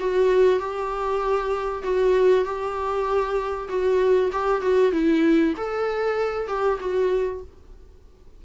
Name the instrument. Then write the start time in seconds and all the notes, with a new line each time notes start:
viola
0.00 F#4
0.60 G4
1.84 F#4
2.45 G4
3.69 F#4
4.33 G4
4.62 F#4
4.93 E4
5.58 A4
6.48 G4
6.80 F#4